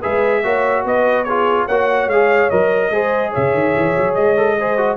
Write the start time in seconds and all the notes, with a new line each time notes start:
0.00 G#3 G#4 B4 E5
0.43 A#3 F#4 C#5
0.84 B3 B4 D#5
1.24 F4 G#4 C#5
1.65 A#3 F#4 C#5 F#5
2.06 G#3 G#4 F5
2.49 F#3 A#4 D#5
2.89 G#3 G#4 C5
3.30 C#5 E5
3.36 C#3
3.53 D#3
3.75 E3
3.97 F#3
4.14 G#3 D#5
4.36 A4
4.58 G#4 C5
4.77 F#4